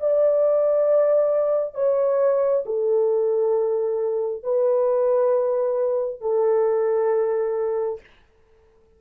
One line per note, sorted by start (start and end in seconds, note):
0.00 1.75 D5
1.75 2.64 C#5
2.66 4.43 A4
4.43 6.21 B4
6.21 8.00 A4